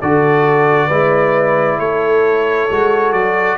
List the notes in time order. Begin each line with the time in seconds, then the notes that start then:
0.00 D3 F#4 A4 D5
0.87 G#3 E4 B4
1.79 A3 A4 C#5
2.70 G#3 F#4
3.12 F#3 D5